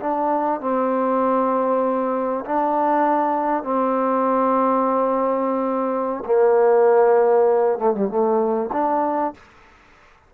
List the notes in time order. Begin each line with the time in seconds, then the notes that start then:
0.00 D4
0.61 C4
2.45 D4
3.64 C4
6.26 A#3
7.79 A3
7.94 G3
8.09 A3
8.73 D4